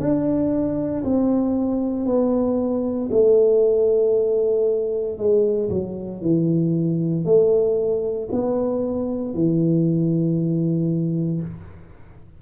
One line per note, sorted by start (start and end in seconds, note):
0.00 1.03 D4
1.04 2.06 C4
2.06 3.09 B3
3.11 5.18 A3
5.18 5.69 G#3
5.70 6.22 F#3
6.22 7.25 E3
7.25 8.29 A3
8.32 9.34 B3
9.34 11.41 E3